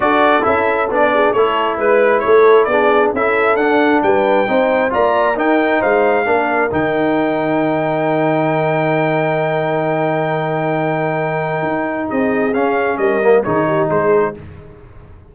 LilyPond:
<<
  \new Staff \with { instrumentName = "trumpet" } { \time 4/4 \tempo 4 = 134 d''4 e''4 d''4 cis''4 | b'4 cis''4 d''4 e''4 | fis''4 g''2 ais''4 | g''4 f''2 g''4~ |
g''1~ | g''1~ | g''2. dis''4 | f''4 dis''4 cis''4 c''4 | }
  \new Staff \with { instrumentName = "horn" } { \time 4/4 a'2~ a'8 gis'8 a'4 | b'4 a'4 gis'4 a'4~ | a'4 b'4 c''4 d''4 | ais'4 c''4 ais'2~ |
ais'1~ | ais'1~ | ais'2. gis'4~ | gis'4 ais'4 gis'8 g'8 gis'4 | }
  \new Staff \with { instrumentName = "trombone" } { \time 4/4 fis'4 e'4 d'4 e'4~ | e'2 d'4 e'4 | d'2 dis'4 f'4 | dis'2 d'4 dis'4~ |
dis'1~ | dis'1~ | dis'1 | cis'4. ais8 dis'2 | }
  \new Staff \with { instrumentName = "tuba" } { \time 4/4 d'4 cis'4 b4 a4 | gis4 a4 b4 cis'4 | d'4 g4 c'4 ais4 | dis'4 gis4 ais4 dis4~ |
dis1~ | dis1~ | dis2 dis'4 c'4 | cis'4 g4 dis4 gis4 | }
>>